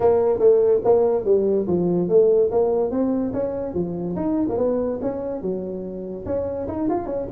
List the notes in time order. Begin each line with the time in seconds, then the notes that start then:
0.00 A#3
0.39 A3
0.84 A#3
1.24 G3
1.67 F3
2.08 A3
2.51 A#3
2.91 C4
3.33 C#4
3.74 F3
4.16 D#4
4.48 A#3
4.57 B3
5.01 C#4
5.41 F#3
6.25 C#4
6.67 D#4
6.89 F4
7.05 C#4